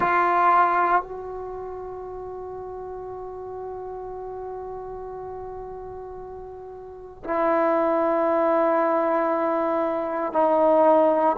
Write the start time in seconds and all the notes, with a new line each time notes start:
0.00 F4
1.02 F#4
7.24 E4
10.33 D#4